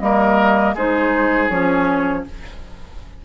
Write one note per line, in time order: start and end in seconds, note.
0.00 0.74 G3
0.00 0.76 A#3
0.00 0.75 A#4
0.00 0.75 D#5
0.74 1.49 G#3
0.74 1.50 D#4
0.74 2.25 G#4
0.74 1.49 C5
1.49 2.25 F3
1.49 2.25 C#4
1.49 2.24 C#5